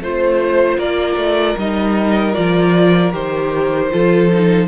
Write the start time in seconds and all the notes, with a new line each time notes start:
0.00 A3 F4 C5
0.78 A#3 A#4 D5
1.16 A3
1.57 G3 D#4 D#5
2.34 F3 F4 D5
3.12 D#3 G4 C5
3.91 F3 F4 A4
4.32 D#4